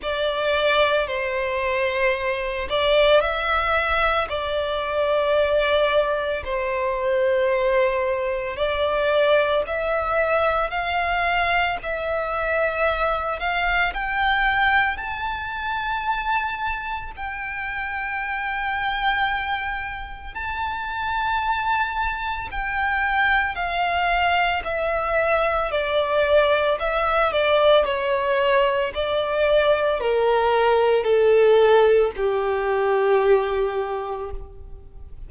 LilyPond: \new Staff \with { instrumentName = "violin" } { \time 4/4 \tempo 4 = 56 d''4 c''4. d''8 e''4 | d''2 c''2 | d''4 e''4 f''4 e''4~ | e''8 f''8 g''4 a''2 |
g''2. a''4~ | a''4 g''4 f''4 e''4 | d''4 e''8 d''8 cis''4 d''4 | ais'4 a'4 g'2 | }